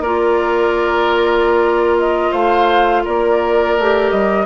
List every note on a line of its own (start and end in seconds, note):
0.00 2.32 A#3
0.00 3.80 F4
0.00 2.31 A#4
0.00 1.98 D5
1.99 2.33 D#5
2.31 3.05 A3
2.31 3.03 C5
2.31 3.04 F5
3.04 3.78 A#3
3.04 4.46 A#4
3.04 4.11 D5
3.78 4.12 A3
3.78 4.46 G4
4.11 4.46 G3
4.11 4.46 D#5